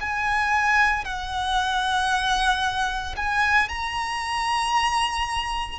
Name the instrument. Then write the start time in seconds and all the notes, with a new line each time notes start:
violin
0.00 G#5
1.05 F#5
3.16 G#5
3.69 A#5